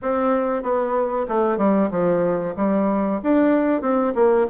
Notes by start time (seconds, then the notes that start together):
0.02 C4
0.62 B3
1.28 A3
1.57 G3
1.90 F3
2.56 G3
3.23 D4
3.81 C4
4.15 A#3